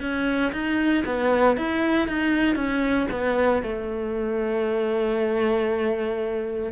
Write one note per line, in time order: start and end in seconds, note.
0.00 0.52 C#4
0.52 1.03 D#4
1.05 1.57 B3
1.57 2.08 E4
2.08 2.55 D#4
2.55 3.07 C#4
3.11 3.63 B3
3.63 6.72 A3